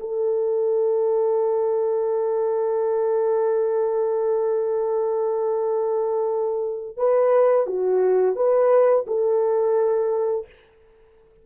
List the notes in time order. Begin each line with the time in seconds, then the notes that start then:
0.00 A4
6.97 B4
7.67 F#4
8.36 B4
9.07 A4